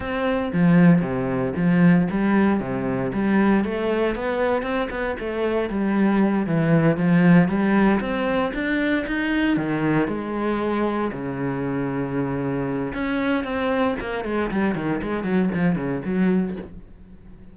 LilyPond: \new Staff \with { instrumentName = "cello" } { \time 4/4 \tempo 4 = 116 c'4 f4 c4 f4 | g4 c4 g4 a4 | b4 c'8 b8 a4 g4~ | g8 e4 f4 g4 c'8~ |
c'8 d'4 dis'4 dis4 gis8~ | gis4. cis2~ cis8~ | cis4 cis'4 c'4 ais8 gis8 | g8 dis8 gis8 fis8 f8 cis8 fis4 | }